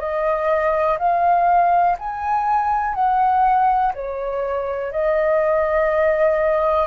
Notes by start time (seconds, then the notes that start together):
0.00 D#5
0.99 F5
1.99 G#5
2.95 F#5
3.94 C#5
4.93 D#5